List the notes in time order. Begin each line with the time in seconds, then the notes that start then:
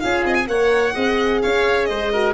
0.00 C#4 F4 G#4 F5
0.24 C4 D#5
0.35 G#5
0.48 A#3 A#4 C#5 F#5
0.94 C4 G#4 D#5
1.42 C#4 C#5 F5
1.86 G#3 C5 D#5
2.13 F#4 A#4